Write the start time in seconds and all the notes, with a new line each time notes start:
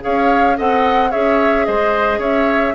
0.00 C#4 G#4 C#5 F5
0.56 C4 A4 D#5 F#5
1.10 C#4 G#4 C#5 E5
1.65 G#3 C5 D#5
2.18 C#4 C#5 E5